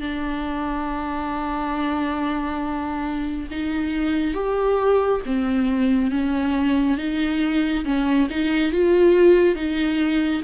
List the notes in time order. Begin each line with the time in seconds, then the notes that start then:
0.00 D4
3.51 D#4
4.34 G4
5.25 C4
6.10 C#4
6.97 D#4
7.84 C#4
8.30 D#4
8.72 F4
9.55 D#4